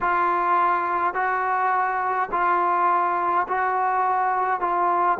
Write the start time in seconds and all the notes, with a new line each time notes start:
0.01 F4
1.13 F#4
2.31 F4
3.48 F#4
4.60 F4